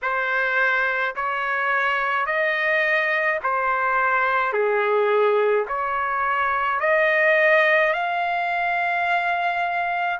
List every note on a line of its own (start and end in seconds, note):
0.02 1.15 C5
1.15 2.26 C#5
2.26 3.39 D#5
3.43 4.53 C5
4.53 5.66 G#4
5.68 6.79 C#5
6.79 7.92 D#5
7.93 10.19 F5